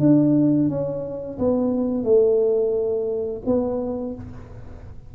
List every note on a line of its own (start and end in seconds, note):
0.00 0.69 D4
0.69 1.38 C#4
1.39 2.04 B3
2.04 3.42 A3
3.46 4.15 B3